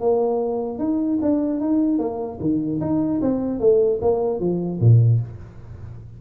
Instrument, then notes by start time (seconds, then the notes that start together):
tuba
0.00 A#3
0.79 D#4
1.21 D4
1.60 D#4
1.99 A#3
2.40 D#3
2.81 D#4
3.21 C4
3.60 A3
4.01 A#3
4.40 F3
4.80 A#2